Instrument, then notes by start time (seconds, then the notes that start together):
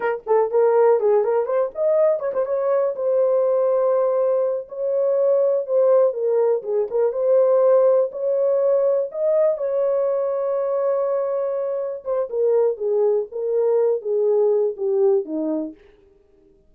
horn
0.00 A#4
0.26 A4
0.50 A#4
1.00 G#4
1.23 A#4
1.45 C5
1.75 D#5
2.19 C#5
2.33 C5
2.45 C#5
2.95 C5
4.68 C#5
5.66 C5
6.13 A#4
6.63 G#4
6.90 A#4
7.12 C5
8.11 C#5
9.11 D#5
9.57 C#5
12.04 C5
12.29 A#4
12.77 G#4
13.31 A#4
14.01 G#4
14.76 G4
15.25 D#4